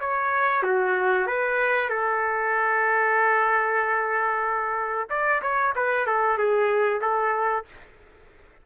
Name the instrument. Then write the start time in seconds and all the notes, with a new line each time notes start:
trumpet
0.00 C#5
0.63 F#4
1.27 B4
1.89 A4
5.10 D5
5.42 C#5
5.76 B4
6.07 A4
6.38 G#4
7.02 A4